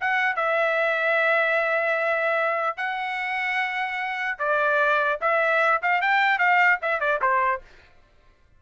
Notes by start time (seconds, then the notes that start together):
0.00 F#5
0.36 E5
2.76 F#5
4.38 D5
5.21 E5
5.82 F5
6.01 G5
6.38 F5
6.82 E5
7.00 D5
7.21 C5